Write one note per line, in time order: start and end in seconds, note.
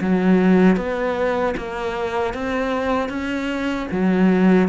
0.00 0.76 F#3
0.76 1.54 B3
1.57 2.33 A#3
2.33 3.09 C4
3.09 3.87 C#4
3.91 4.68 F#3